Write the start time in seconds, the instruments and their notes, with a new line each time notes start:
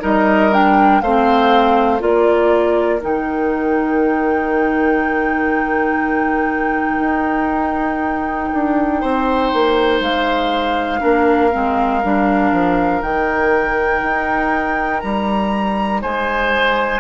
0.00 bassoon G3, clarinet D#4, oboe A#4, flute D#5
0.52 clarinet D4, flute G5
1.01 bassoon A3, clarinet C4, oboe C5, flute F5
1.99 bassoon A#3, clarinet F4, oboe A#4, flute D5
3.01 bassoon D#3, clarinet D#4, flute G5
7.00 bassoon D#4
8.53 bassoon D4
9.01 bassoon C4, oboe C5
9.53 bassoon A#3
10.00 bassoon G#3, flute F5
11.00 bassoon A#3, clarinet D4, oboe A#4
11.52 bassoon G#3, clarinet C4
12.04 bassoon G3, clarinet D4
12.52 bassoon F3
13.02 bassoon D#3, clarinet D#4, flute G5
14.03 bassoon D#4
15.00 bassoon G3, flute A#5
16.02 bassoon G#3, oboe C5, flute G#5